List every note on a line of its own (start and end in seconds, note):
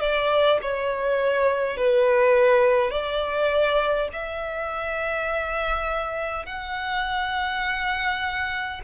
0.00 0.59 D5
0.61 1.76 C#5
1.76 2.91 B4
2.91 4.09 D5
4.12 6.45 E5
6.45 8.81 F#5